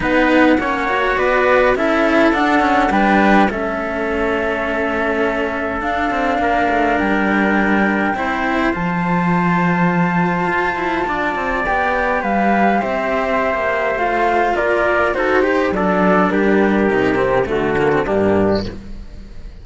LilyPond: <<
  \new Staff \with { instrumentName = "flute" } { \time 4/4 \tempo 4 = 103 fis''2 d''4 e''4 | fis''4 g''4 e''2~ | e''2 f''2 | g''2. a''4~ |
a''1 | g''4 f''4 e''2 | f''4 d''4 c''4 d''4 | ais'2 a'4 g'4 | }
  \new Staff \with { instrumentName = "trumpet" } { \time 4/4 b'4 cis''4 b'4 a'4~ | a'4 b'4 a'2~ | a'2. ais'4~ | ais'2 c''2~ |
c''2. d''4~ | d''4 b'4 c''2~ | c''4 ais'4 a'8 g'8 a'4 | g'2 fis'4 d'4 | }
  \new Staff \with { instrumentName = "cello" } { \time 4/4 dis'4 cis'8 fis'4. e'4 | d'8 cis'8 d'4 cis'2~ | cis'2 d'2~ | d'2 e'4 f'4~ |
f'1 | g'1 | f'2 fis'8 g'8 d'4~ | d'4 dis'8 c'8 a8 ais16 c'16 ais4 | }
  \new Staff \with { instrumentName = "cello" } { \time 4/4 b4 ais4 b4 cis'4 | d'4 g4 a2~ | a2 d'8 c'8 ais8 a8 | g2 c'4 f4~ |
f2 f'8 e'8 d'8 c'8 | b4 g4 c'4~ c'16 ais8. | a4 ais4 dis'4 fis4 | g4 c4 d4 g,4 | }
>>